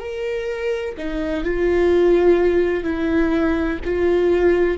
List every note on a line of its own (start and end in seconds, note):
0.00 0.95 A#4
0.98 1.45 D#4
1.45 2.84 F4
2.84 3.79 E4
3.84 4.78 F4